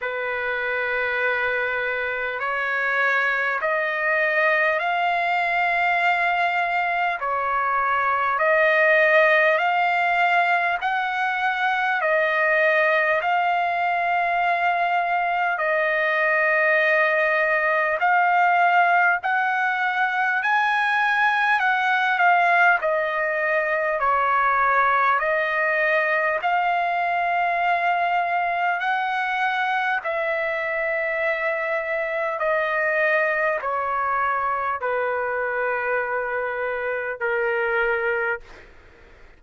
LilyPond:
\new Staff \with { instrumentName = "trumpet" } { \time 4/4 \tempo 4 = 50 b'2 cis''4 dis''4 | f''2 cis''4 dis''4 | f''4 fis''4 dis''4 f''4~ | f''4 dis''2 f''4 |
fis''4 gis''4 fis''8 f''8 dis''4 | cis''4 dis''4 f''2 | fis''4 e''2 dis''4 | cis''4 b'2 ais'4 | }